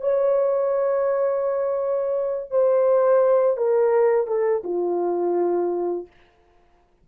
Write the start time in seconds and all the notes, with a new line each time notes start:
0.00 C#5
2.50 C5
3.57 A#4
4.27 A4
4.64 F4